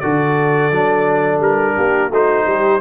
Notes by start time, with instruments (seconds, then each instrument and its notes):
0.00 tuba D3, trombone F#4, horn A4, trumpet D5
0.71 tuba F#3, trombone D4
1.39 tuba G3, trumpet A#4
1.75 tuba A#3, horn G4
2.09 tuba A3, trombone D#4, horn F#4, trumpet C5
2.46 tuba G3, horn G4